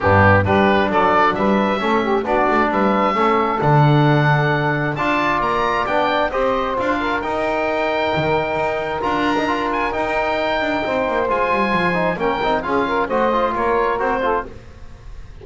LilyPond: <<
  \new Staff \with { instrumentName = "oboe" } { \time 4/4 \tempo 4 = 133 g'4 b'4 d''4 e''4~ | e''4 d''4 e''2 | fis''2. a''4 | ais''4 g''4 dis''4 f''4 |
g''1 | ais''4. gis''8 g''2~ | g''4 gis''2 g''4 | f''4 dis''4 cis''4 c''4 | }
  \new Staff \with { instrumentName = "saxophone" } { \time 4/4 d'4 g'4 a'4 b'4 | a'8 g'8 fis'4 b'4 a'4~ | a'2. d''4~ | d''2 c''4. ais'8~ |
ais'1~ | ais'1 | c''2. ais'4 | gis'8 ais'8 c''4 ais'4. a'8 | }
  \new Staff \with { instrumentName = "trombone" } { \time 4/4 b4 d'2. | cis'4 d'2 cis'4 | d'2. f'4~ | f'4 d'4 g'4 f'4 |
dis'1 | f'8. dis'16 f'4 dis'2~ | dis'4 f'4. dis'8 cis'8 dis'8 | f'4 fis'8 f'4. fis'8 f'8 | }
  \new Staff \with { instrumentName = "double bass" } { \time 4/4 g,4 g4 fis4 g4 | a4 b8 a8 g4 a4 | d2. d'4 | ais4 b4 c'4 d'4 |
dis'2 dis4 dis'4 | d'2 dis'4. d'8 | c'8 ais8 gis8 g8 f4 ais8 c'8 | cis'4 a4 ais4 c'4 | }
>>